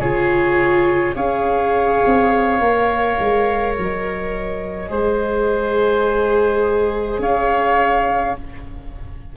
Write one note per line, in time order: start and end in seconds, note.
0.00 1.15 C#3
0.00 1.16 F4
0.00 1.15 G#4
0.00 1.16 C#5
1.16 2.03 C#4
1.16 2.60 G#4
1.16 4.91 C#5
1.16 3.75 F5
2.06 2.60 C4
2.60 3.17 A#3
2.60 4.88 A#4
3.20 3.78 G#3
3.75 4.90 F#3
3.75 7.21 D#5
4.88 7.19 G#3
4.88 8.34 G#4
4.88 7.21 C5
7.19 8.34 C#4
7.19 8.37 C#5
7.19 8.37 F5